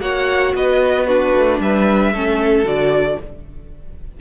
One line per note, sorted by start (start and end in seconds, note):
0.00 0.54 A#3
0.00 1.06 F#4
0.00 0.54 C#5
0.00 0.54 F#5
0.54 1.34 B3
0.54 1.07 B4
0.54 1.07 D#5
1.07 2.14 D4
1.07 1.60 F#4
1.07 1.60 B4
1.35 1.60 A3
1.60 2.13 G3
1.60 2.13 B4
1.60 2.67 E5
2.13 2.64 A3
2.13 2.65 C#4
2.13 3.19 A4
2.64 3.17 D3
2.64 3.18 F#4
2.64 3.20 D5